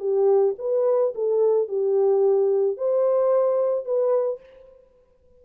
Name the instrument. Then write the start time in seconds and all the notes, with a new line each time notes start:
horn
0.00 G4
0.59 B4
1.15 A4
1.68 G4
2.78 C5
3.86 B4